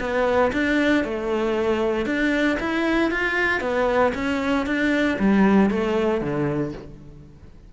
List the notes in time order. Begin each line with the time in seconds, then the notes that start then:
0.00 B3
0.53 D4
1.05 A3
2.06 D4
2.60 E4
3.11 F4
3.61 B3
4.15 C#4
4.66 D4
5.19 G3
5.71 A3
6.21 D3